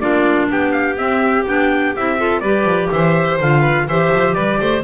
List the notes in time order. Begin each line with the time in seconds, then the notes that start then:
0.00 A#3 D4 F4 D5
0.50 B3 G4 G5
0.72 F5
0.96 C4 E5
1.47 B3 D4 G5
1.96 C4 E4 E5
2.18 F4 A4
2.40 G3 G4 B4 D5
2.64 F3
2.91 E3 C5 E5
3.40 D3 F4 F5
3.60 B4
3.87 E3 G4 C5 E5
4.13 F3
4.34 G3 B4 D5
4.60 A3 C5